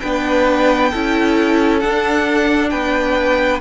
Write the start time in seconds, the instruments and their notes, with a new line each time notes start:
0.00 cello B3, viola D4, violin B4 G5
0.91 cello C#4, viola E4, violin A4
1.80 viola D4, cello D4, violin F#5
2.70 cello B3, violin B4 G5